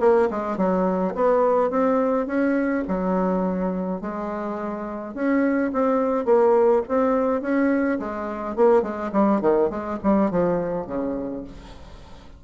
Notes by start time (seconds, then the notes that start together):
0.00 A#3
0.30 G#3
0.57 F#3
1.15 B3
1.70 C4
2.27 C#4
2.88 F#3
4.01 G#3
5.14 C#4
5.72 C4
6.25 A#3
6.89 C4
7.41 C#4
7.99 G#3
8.56 A#3
8.82 G#3
9.12 G3
9.41 D#3
9.70 G#3
10.03 G3
10.31 F3
10.87 C#3